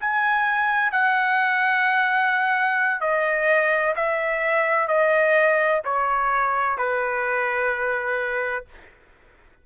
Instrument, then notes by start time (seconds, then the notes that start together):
trumpet
0.00 G#5
0.92 F#5
3.00 D#5
3.95 E5
4.87 D#5
5.84 C#5
6.78 B4